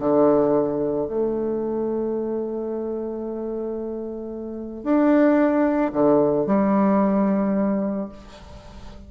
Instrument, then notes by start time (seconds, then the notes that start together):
bassoon
0.00 D3
1.08 A3
4.84 D4
5.93 D3
6.47 G3